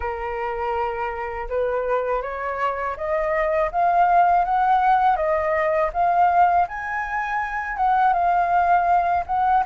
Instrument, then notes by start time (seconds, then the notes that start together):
flute
0.00 A#4
1.49 B4
2.22 C#5
2.96 D#5
3.71 F5
4.44 F#5
5.16 D#5
5.93 F5
6.67 G#5
7.76 F#5
8.13 F5
9.26 F#5